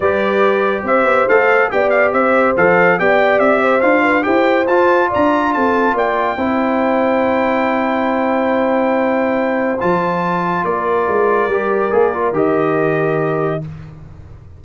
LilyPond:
<<
  \new Staff \with { instrumentName = "trumpet" } { \time 4/4 \tempo 4 = 141 d''2 e''4 f''4 | g''8 f''8 e''4 f''4 g''4 | e''4 f''4 g''4 a''4 | ais''4 a''4 g''2~ |
g''1~ | g''2. a''4~ | a''4 d''2.~ | d''4 dis''2. | }
  \new Staff \with { instrumentName = "horn" } { \time 4/4 b'2 c''2 | d''4 c''2 d''4~ | d''8 c''4 b'8 c''2 | d''4 a'4 d''4 c''4~ |
c''1~ | c''1~ | c''4 ais'2.~ | ais'1 | }
  \new Staff \with { instrumentName = "trombone" } { \time 4/4 g'2. a'4 | g'2 a'4 g'4~ | g'4 f'4 g'4 f'4~ | f'2. e'4~ |
e'1~ | e'2. f'4~ | f'2. g'4 | gis'8 f'8 g'2. | }
  \new Staff \with { instrumentName = "tuba" } { \time 4/4 g2 c'8 b8 a4 | b4 c'4 f4 b4 | c'4 d'4 e'4 f'4 | d'4 c'4 ais4 c'4~ |
c'1~ | c'2. f4~ | f4 ais4 gis4 g4 | ais4 dis2. | }
>>